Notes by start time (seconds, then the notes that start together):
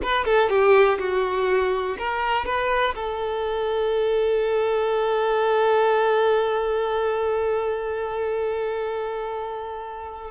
0.02 B4
0.25 A4
0.49 G4
0.98 F#4
1.98 A#4
2.45 B4
2.95 A4